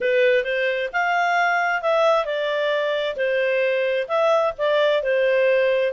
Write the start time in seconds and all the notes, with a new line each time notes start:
0.00 B4
0.44 C5
0.93 F5
1.82 E5
2.25 D5
3.16 C5
4.07 E5
4.57 D5
5.02 C5